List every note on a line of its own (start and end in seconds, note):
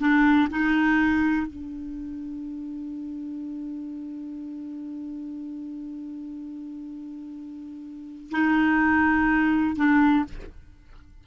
0.00 0.49 D4
0.50 1.47 D#4
1.47 8.30 D4
8.31 9.76 D#4
9.76 10.25 D4